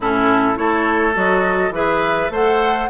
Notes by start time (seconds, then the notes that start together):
0.00 A2 C#4 E4 A4
0.55 A3 E4 A4 C#5
1.14 F#3 F#4 D#5
1.70 E3 G#4 B4 E5
2.29 A3 A4 C5 F#5